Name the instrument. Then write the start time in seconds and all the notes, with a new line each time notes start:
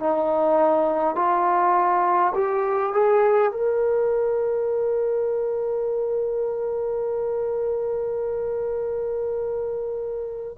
trombone
0.00 D#4
1.16 F4
2.35 G4
2.93 G#4
3.51 A#4